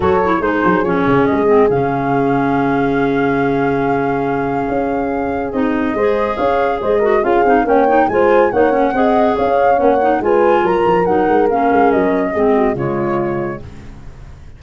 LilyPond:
<<
  \new Staff \with { instrumentName = "flute" } { \time 4/4 \tempo 4 = 141 cis''4 c''4 cis''4 dis''4 | f''1~ | f''1~ | f''4 dis''2 f''4 |
dis''4 f''4 g''4 gis''4 | fis''2 f''4 fis''4 | gis''4 ais''4 fis''4 f''4 | dis''2 cis''2 | }
  \new Staff \with { instrumentName = "horn" } { \time 4/4 a'4 gis'2.~ | gis'1~ | gis'1~ | gis'2 c''4 cis''4 |
c''8 ais'8 gis'4 cis''4 c''4 | cis''4 dis''4 cis''2 | b'4 ais'2.~ | ais'4 gis'8 fis'8 f'2 | }
  \new Staff \with { instrumentName = "clarinet" } { \time 4/4 fis'8 e'8 dis'4 cis'4. c'8 | cis'1~ | cis'1~ | cis'4 dis'4 gis'2~ |
gis'8 fis'8 f'8 dis'8 cis'8 dis'8 f'4 | dis'8 cis'8 gis'2 cis'8 dis'8 | f'2 dis'4 cis'4~ | cis'4 c'4 gis2 | }
  \new Staff \with { instrumentName = "tuba" } { \time 4/4 fis4 gis8 fis8 f8 cis8 gis4 | cis1~ | cis2. cis'4~ | cis'4 c'4 gis4 cis'4 |
gis4 cis'8 c'8 ais4 gis4 | ais4 c'4 cis'4 ais4 | gis4 fis8 f8 fis8 gis8 ais8 gis8 | fis4 gis4 cis2 | }
>>